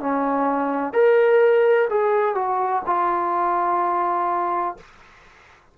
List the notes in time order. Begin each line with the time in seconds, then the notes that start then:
0.00 C#4
0.93 A#4
1.90 G#4
2.35 F#4
2.86 F4